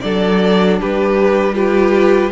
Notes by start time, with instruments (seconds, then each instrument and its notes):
0.00 cello F#3, viola D4, violin A4 D5
0.80 cello G3, violin G4 B4
1.53 viola F4, violin G4 B4